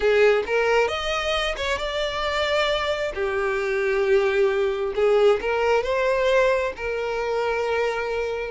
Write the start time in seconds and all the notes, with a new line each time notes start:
0.00 G#4
0.46 A#4
0.88 D#5
1.57 C#5
1.77 D5
3.14 G4
4.95 G#4
5.41 A#4
5.83 C5
6.76 A#4